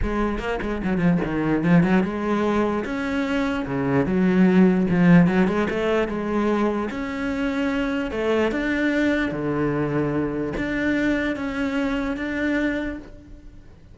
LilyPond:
\new Staff \with { instrumentName = "cello" } { \time 4/4 \tempo 4 = 148 gis4 ais8 gis8 fis8 f8 dis4 | f8 fis8 gis2 cis'4~ | cis'4 cis4 fis2 | f4 fis8 gis8 a4 gis4~ |
gis4 cis'2. | a4 d'2 d4~ | d2 d'2 | cis'2 d'2 | }